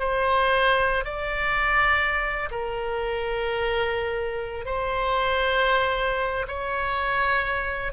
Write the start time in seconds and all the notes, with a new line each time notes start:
0.00 C5
1.05 D5
2.52 A#4
4.66 C5
6.48 C#5